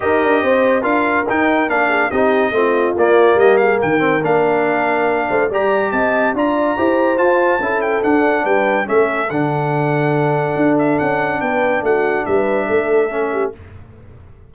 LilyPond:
<<
  \new Staff \with { instrumentName = "trumpet" } { \time 4/4 \tempo 4 = 142 dis''2 f''4 g''4 | f''4 dis''2 d''4 | dis''8 f''8 g''4 f''2~ | f''4 ais''4 a''4 ais''4~ |
ais''4 a''4. g''8 fis''4 | g''4 e''4 fis''2~ | fis''4. e''8 fis''4 g''4 | fis''4 e''2. | }
  \new Staff \with { instrumentName = "horn" } { \time 4/4 ais'4 c''4 ais'2~ | ais'8 gis'8 g'4 f'2 | g'8 gis'8 ais'2.~ | ais'8 c''8 d''4 dis''4 d''4 |
c''2 a'2 | b'4 a'2.~ | a'2. b'4 | fis'4 b'4 a'4. g'8 | }
  \new Staff \with { instrumentName = "trombone" } { \time 4/4 g'2 f'4 dis'4 | d'4 dis'4 c'4 ais4~ | ais4. c'8 d'2~ | d'4 g'2 f'4 |
g'4 f'4 e'4 d'4~ | d'4 cis'4 d'2~ | d'1~ | d'2. cis'4 | }
  \new Staff \with { instrumentName = "tuba" } { \time 4/4 dis'8 d'8 c'4 d'4 dis'4 | ais4 c'4 a4 ais4 | g4 dis4 ais2~ | ais8 a8 g4 c'4 d'4 |
e'4 f'4 cis'4 d'4 | g4 a4 d2~ | d4 d'4 cis'4 b4 | a4 g4 a2 | }
>>